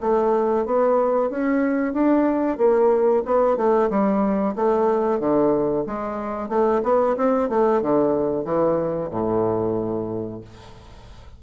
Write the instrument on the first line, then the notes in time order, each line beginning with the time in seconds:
bassoon
0.00 A3
0.65 B3
1.30 C#4
1.93 D4
2.58 A#3
3.25 B3
3.57 A3
3.90 G3
4.56 A3
5.19 D3
5.86 G#3
6.49 A3
6.83 B3
7.17 C4
7.49 A3
7.81 D3
8.45 E3
9.10 A2